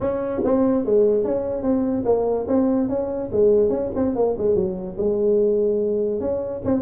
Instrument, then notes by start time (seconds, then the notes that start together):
tuba
0.00 C#4
0.44 C4
0.85 G#3
1.24 C#4
1.62 C4
2.05 A#3
2.47 C4
2.88 C#4
3.31 G#3
3.69 C#4
3.95 C4
4.15 A#3
4.38 G#3
4.55 F#3
4.97 G#3
6.20 C#4
6.64 C4